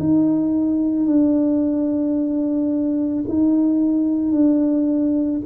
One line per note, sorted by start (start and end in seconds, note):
0.00 1.07 D#4
1.07 3.25 D4
3.29 4.32 D#4
4.32 5.41 D4